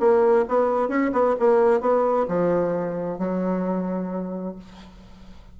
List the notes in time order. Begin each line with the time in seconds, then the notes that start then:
0.00 A#3
0.49 B3
0.89 C#4
1.13 B3
1.39 A#3
1.80 B3
2.28 F3
3.19 F#3